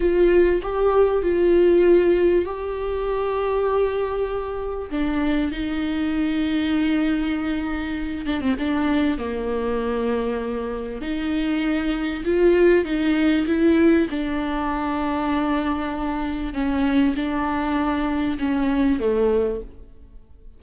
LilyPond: \new Staff \with { instrumentName = "viola" } { \time 4/4 \tempo 4 = 98 f'4 g'4 f'2 | g'1 | d'4 dis'2.~ | dis'4. d'16 c'16 d'4 ais4~ |
ais2 dis'2 | f'4 dis'4 e'4 d'4~ | d'2. cis'4 | d'2 cis'4 a4 | }